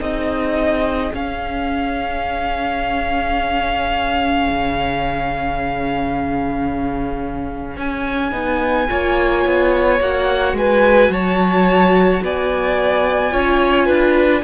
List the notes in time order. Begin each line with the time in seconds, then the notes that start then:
0.00 C4 D#4 G#4 D#5
1.14 C#4 F5
4.49 C#3
7.77 C#4 G#5
8.31 B3 D#4
8.89 A#3 F4 C#5
9.46 B3
10.01 A#3 F#4 F#5
10.53 G#3 B4 G#5
11.10 F#3 C#5 A5
12.22 B3 D5 G#5
13.31 C#4 F4 C#5
13.86 D4 B4